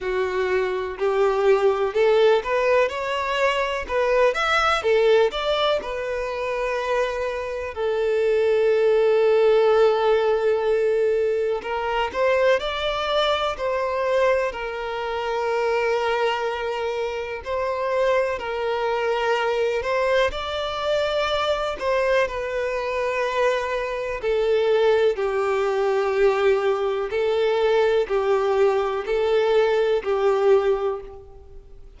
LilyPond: \new Staff \with { instrumentName = "violin" } { \time 4/4 \tempo 4 = 62 fis'4 g'4 a'8 b'8 cis''4 | b'8 e''8 a'8 d''8 b'2 | a'1 | ais'8 c''8 d''4 c''4 ais'4~ |
ais'2 c''4 ais'4~ | ais'8 c''8 d''4. c''8 b'4~ | b'4 a'4 g'2 | a'4 g'4 a'4 g'4 | }